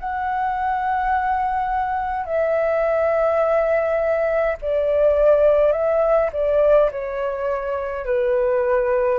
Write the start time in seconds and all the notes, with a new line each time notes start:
0.00 F#5
2.26 E5
4.63 D5
5.72 E5
6.33 D5
6.92 C#5
8.06 B4